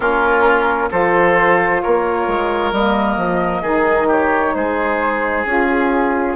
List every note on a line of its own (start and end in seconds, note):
0.00 0.89 A#3
0.00 0.90 C#4
0.00 0.89 F4
0.00 0.90 A#4
0.90 1.82 F3
0.90 2.72 F4
0.90 1.81 A4
0.90 1.81 C5
1.81 2.27 A#3
1.81 3.62 A#4
1.81 2.72 C#5
2.27 2.71 G#3
2.71 3.16 G3
2.71 3.63 A#3
2.71 4.09 D#5
3.16 3.61 F3
3.61 4.52 D#3
3.61 5.45 D#4
3.61 4.07 G#4
4.07 4.53 G4
4.07 4.54 C#5
4.54 5.44 G#3
4.54 6.35 G#4
4.54 5.45 C5
5.44 6.35 C#4
5.44 6.35 F4
5.44 6.35 G#4